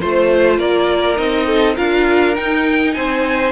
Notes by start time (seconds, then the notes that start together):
0.00 A3 F4 C5
0.59 A#3 A#4 D5
1.16 C4 D#4 D#5
1.47 A4
1.76 D4 F4 A#4 F5
2.36 D#4 G5
2.93 C4 C5 G#5